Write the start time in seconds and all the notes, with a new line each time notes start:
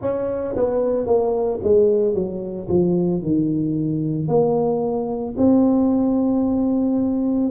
0.01 C#4
0.56 B3
1.06 A#3
1.63 G#3
2.14 F#3
2.68 F3
3.21 D#3
4.28 A#3
5.37 C4